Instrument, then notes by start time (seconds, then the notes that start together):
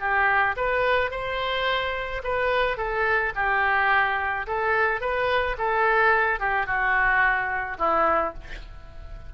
oboe
0.00 G4
0.57 B4
1.11 C5
2.24 B4
2.78 A4
3.36 G4
4.47 A4
5.01 B4
5.58 A4
6.40 G4
6.66 F#4
7.79 E4